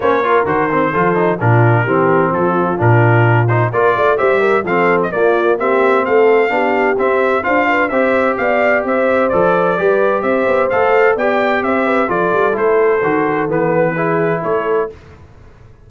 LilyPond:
<<
  \new Staff \with { instrumentName = "trumpet" } { \time 4/4 \tempo 4 = 129 cis''4 c''2 ais'4~ | ais'4 a'4 ais'4. c''8 | d''4 e''4 f''8. dis''16 d''4 | e''4 f''2 e''4 |
f''4 e''4 f''4 e''4 | d''2 e''4 f''4 | g''4 e''4 d''4 c''4~ | c''4 b'2 cis''4 | }
  \new Staff \with { instrumentName = "horn" } { \time 4/4 c''8 ais'4. a'4 f'4 | g'4 f'2. | ais'8 d''8 c''8 ais'8 a'4 f'4 | g'4 a'4 g'2 |
c''8 b'8 c''4 d''4 c''4~ | c''4 b'4 c''2 | d''4 c''8 b'8 a'2~ | a'2 gis'4 a'4 | }
  \new Staff \with { instrumentName = "trombone" } { \time 4/4 cis'8 f'8 fis'8 c'8 f'8 dis'8 d'4 | c'2 d'4. dis'8 | f'4 g'4 c'4 ais4 | c'2 d'4 c'4 |
f'4 g'2. | a'4 g'2 a'4 | g'2 f'4 e'4 | fis'4 b4 e'2 | }
  \new Staff \with { instrumentName = "tuba" } { \time 4/4 ais4 dis4 f4 ais,4 | e4 f4 ais,2 | ais8 a8 g4 f4 ais4~ | ais4 a4 b4 c'4 |
d'4 c'4 b4 c'4 | f4 g4 c'8 b8 a4 | b4 c'4 f8 g8 a4 | dis4 e2 a4 | }
>>